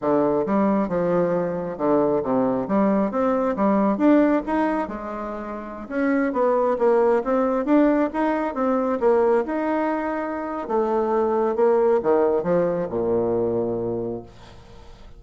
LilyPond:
\new Staff \with { instrumentName = "bassoon" } { \time 4/4 \tempo 4 = 135 d4 g4 f2 | d4 c4 g4 c'4 | g4 d'4 dis'4 gis4~ | gis4~ gis16 cis'4 b4 ais8.~ |
ais16 c'4 d'4 dis'4 c'8.~ | c'16 ais4 dis'2~ dis'8. | a2 ais4 dis4 | f4 ais,2. | }